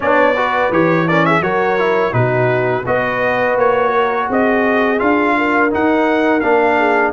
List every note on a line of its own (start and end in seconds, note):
0.00 0.70 B3
0.00 0.35 D4
0.00 0.35 C#5
0.00 0.72 D5
0.35 0.72 F#4
0.35 1.06 B4
0.70 1.40 E3
0.70 1.07 G4
0.70 1.07 C#5
1.07 1.42 C#4
1.07 1.26 A#4
1.07 1.25 D5
1.25 1.43 G#4
1.25 1.42 E5
1.40 2.12 F#3
1.40 1.78 F#4
1.40 2.14 A#4
1.40 2.13 C#5
1.78 2.12 E4
2.12 2.84 B2
2.12 2.83 D#4
2.12 2.86 F#4
2.12 2.84 B4
2.86 3.56 B3
2.86 4.98 F#4
2.86 3.92 B4
2.86 3.58 D#5
3.56 4.28 A#3
3.56 4.30 C#5
3.92 4.28 A#4
4.28 5.01 C4
4.28 5.35 G#4
4.28 4.99 D#5
4.98 5.72 D4
4.98 5.70 F4
4.98 5.70 F5
5.37 6.77 A#4
5.70 6.41 D#4
5.70 6.42 D#4
5.70 6.40 F#5
6.40 7.13 A#3
6.40 7.13 D4
6.40 7.11 F5
6.77 7.13 G#4